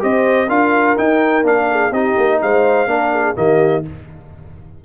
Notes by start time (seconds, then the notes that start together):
0.00 C4 G4 C5 D#5
0.48 D4 F4 A#4 F5
0.97 D#4 G5
1.44 A#3 D4 F5
1.71 G#4
1.91 C4 D#4 G4 D#5
2.18 A#3
2.42 G#3 C5 F5
2.87 A#3 D4 A#4
3.13 G#4
3.36 D#3 A#3 G4 D#5